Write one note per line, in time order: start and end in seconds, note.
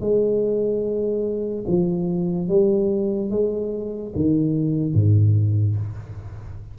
0.00 1.64 G#3
1.67 2.48 F3
2.48 3.30 G3
3.30 4.12 G#3
4.15 4.94 D#3
4.94 5.76 G#2